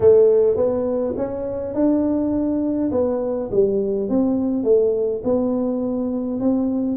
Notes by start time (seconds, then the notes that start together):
0.00 A3
0.56 B3
1.16 C#4
1.74 D4
2.91 B3
3.51 G3
4.09 C4
4.63 A3
5.23 B3
6.39 C4